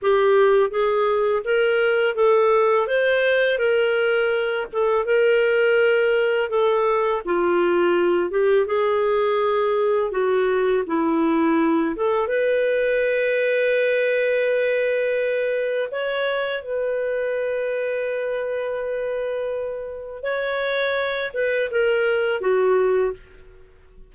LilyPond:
\new Staff \with { instrumentName = "clarinet" } { \time 4/4 \tempo 4 = 83 g'4 gis'4 ais'4 a'4 | c''4 ais'4. a'8 ais'4~ | ais'4 a'4 f'4. g'8 | gis'2 fis'4 e'4~ |
e'8 a'8 b'2.~ | b'2 cis''4 b'4~ | b'1 | cis''4. b'8 ais'4 fis'4 | }